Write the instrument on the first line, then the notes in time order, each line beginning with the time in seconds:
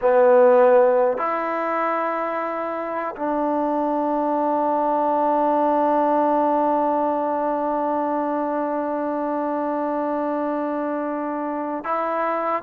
trombone
0.01 B3
1.17 E4
3.16 D4
11.84 E4